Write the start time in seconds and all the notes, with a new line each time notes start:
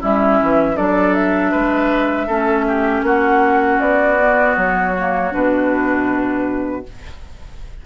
0.00 G3 C#4 E4 E5
0.41 E3
0.76 F#3 D4 A4 D5
1.13 E5
1.51 G#3 B4
2.27 A3 C#4 A4
2.68 G4
3.03 A#3 F#4 F#5
3.80 B3 D5
4.19 B3
4.56 F#3 C#5
4.97 A#3
5.32 B2 D4 B4